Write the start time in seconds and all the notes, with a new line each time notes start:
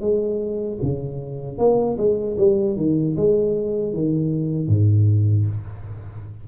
0.00 G#3
0.82 C#3
1.58 A#3
1.97 G#3
2.37 G3
2.76 D#3
3.16 G#3
3.93 D#3
4.68 G#2